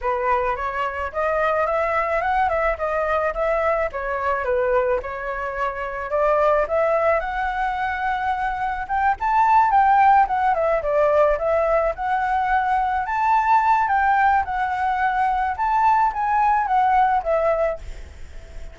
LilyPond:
\new Staff \with { instrumentName = "flute" } { \time 4/4 \tempo 4 = 108 b'4 cis''4 dis''4 e''4 | fis''8 e''8 dis''4 e''4 cis''4 | b'4 cis''2 d''4 | e''4 fis''2. |
g''8 a''4 g''4 fis''8 e''8 d''8~ | d''8 e''4 fis''2 a''8~ | a''4 g''4 fis''2 | a''4 gis''4 fis''4 e''4 | }